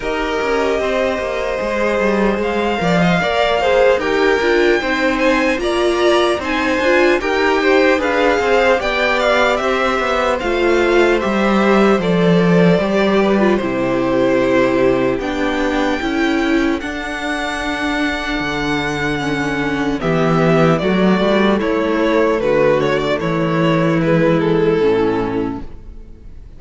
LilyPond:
<<
  \new Staff \with { instrumentName = "violin" } { \time 4/4 \tempo 4 = 75 dis''2. f''4~ | f''4 g''4. gis''8 ais''4 | gis''4 g''4 f''4 g''8 f''8 | e''4 f''4 e''4 d''4~ |
d''4 c''2 g''4~ | g''4 fis''2.~ | fis''4 e''4 d''4 cis''4 | b'8 cis''16 d''16 cis''4 b'8 a'4. | }
  \new Staff \with { instrumentName = "violin" } { \time 4/4 ais'4 c''2~ c''8 d''16 dis''16 | d''8 c''8 ais'4 c''4 d''4 | c''4 ais'8 c''8 b'8 c''8 d''4 | c''1~ |
c''8 b'8 g'2. | a'1~ | a'4 g'4 fis'4 e'4 | fis'4 e'2. | }
  \new Staff \with { instrumentName = "viola" } { \time 4/4 g'2 gis'4. ais'16 c''16 | ais'8 gis'8 g'8 f'8 dis'4 f'4 | dis'8 f'8 g'4 gis'4 g'4~ | g'4 f'4 g'4 a'4 |
g'8. f'16 e'2 d'4 | e'4 d'2. | cis'4 b4 a2~ | a2 gis4 cis'4 | }
  \new Staff \with { instrumentName = "cello" } { \time 4/4 dis'8 cis'8 c'8 ais8 gis8 g8 gis8 f8 | ais4 dis'8 d'8 c'4 ais4 | c'8 d'8 dis'4 d'8 c'8 b4 | c'8 b8 a4 g4 f4 |
g4 c2 b4 | cis'4 d'2 d4~ | d4 e4 fis8 g8 a4 | d4 e2 a,4 | }
>>